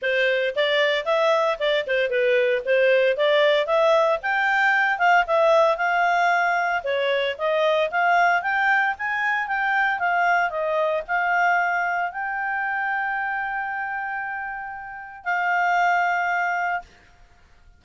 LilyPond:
\new Staff \with { instrumentName = "clarinet" } { \time 4/4 \tempo 4 = 114 c''4 d''4 e''4 d''8 c''8 | b'4 c''4 d''4 e''4 | g''4. f''8 e''4 f''4~ | f''4 cis''4 dis''4 f''4 |
g''4 gis''4 g''4 f''4 | dis''4 f''2 g''4~ | g''1~ | g''4 f''2. | }